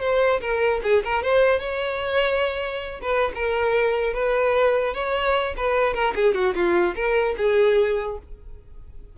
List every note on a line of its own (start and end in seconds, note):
0.00 0.40 C5
0.40 0.81 A#4
0.83 1.03 G#4
1.04 1.22 A#4
1.22 1.59 C5
1.59 3.00 C#5
3.01 3.32 B4
3.35 4.13 A#4
4.13 4.94 B4
4.94 5.54 C#5
5.56 5.94 B4
5.94 6.14 A#4
6.15 6.34 G#4
6.34 6.54 F#4
6.54 6.95 F4
6.95 7.35 A#4
7.37 8.18 G#4